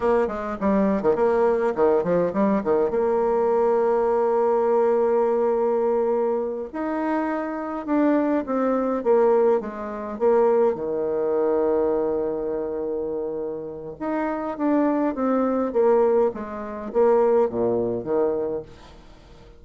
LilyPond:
\new Staff \with { instrumentName = "bassoon" } { \time 4/4 \tempo 4 = 103 ais8 gis8 g8. dis16 ais4 dis8 f8 | g8 dis8 ais2.~ | ais2.~ ais8 dis'8~ | dis'4. d'4 c'4 ais8~ |
ais8 gis4 ais4 dis4.~ | dis1 | dis'4 d'4 c'4 ais4 | gis4 ais4 ais,4 dis4 | }